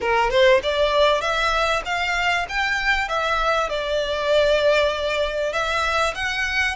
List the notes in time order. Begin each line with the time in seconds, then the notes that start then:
0.00 A#4
0.30 C5
0.63 D5
1.21 E5
1.85 F5
2.48 G5
3.08 E5
3.69 D5
5.52 E5
6.14 F#5